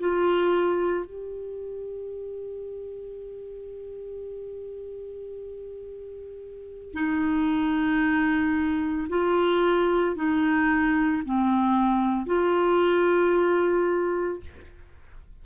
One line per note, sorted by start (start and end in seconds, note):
0.00 1.06 F4
1.06 6.94 G4
6.94 9.08 D#4
9.10 10.16 F4
10.16 11.23 D#4
11.25 12.27 C4
12.27 14.41 F4